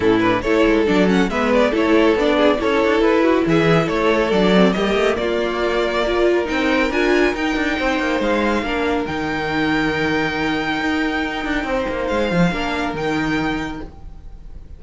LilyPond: <<
  \new Staff \with { instrumentName = "violin" } { \time 4/4 \tempo 4 = 139 a'8 b'8 cis''4 d''8 fis''8 e''8 d''8 | cis''4 d''4 cis''4 b'4 | e''4 cis''4 d''4 dis''4 | d''2. g''4 |
gis''4 g''2 f''4~ | f''4 g''2.~ | g''1 | f''2 g''2 | }
  \new Staff \with { instrumentName = "violin" } { \time 4/4 e'4 a'2 b'4 | a'4. gis'8 a'4. fis'8 | gis'4 a'2 g'4 | f'2 ais'2~ |
ais'2 c''2 | ais'1~ | ais'2. c''4~ | c''4 ais'2. | }
  \new Staff \with { instrumentName = "viola" } { \time 4/4 cis'8 d'8 e'4 d'8 cis'8 b4 | e'4 d'4 e'2~ | e'2 d'8 c'8 ais4~ | ais2 f'4 dis'4 |
f'4 dis'2. | d'4 dis'2.~ | dis'1~ | dis'4 d'4 dis'2 | }
  \new Staff \with { instrumentName = "cello" } { \time 4/4 a,4 a8 gis8 fis4 gis4 | a4 b4 cis'8 d'8 e'4 | e4 a4 fis4 g8 a8 | ais2. c'4 |
d'4 dis'8 d'8 c'8 ais8 gis4 | ais4 dis2.~ | dis4 dis'4. d'8 c'8 ais8 | gis8 f8 ais4 dis2 | }
>>